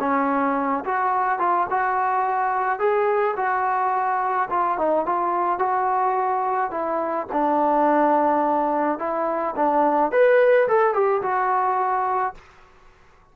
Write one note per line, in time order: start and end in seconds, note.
0.00 0.84 C#4
0.85 1.39 F#4
1.39 1.67 F4
1.70 2.79 F#4
2.79 3.35 G#4
3.37 4.49 F#4
4.50 4.78 F4
4.78 5.06 D#4
5.06 5.59 F4
5.59 6.71 F#4
6.71 7.27 E4
7.33 8.99 D4
8.99 9.55 E4
9.56 10.12 D4
10.12 10.68 B4
10.68 10.94 A4
10.94 11.22 G4
11.22 12.34 F#4